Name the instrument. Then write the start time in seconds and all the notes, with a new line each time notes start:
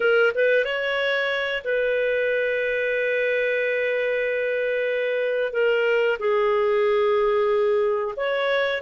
clarinet
0.00 A#4
0.34 B4
0.64 C#5
1.64 B4
5.53 A#4
6.19 G#4
8.16 C#5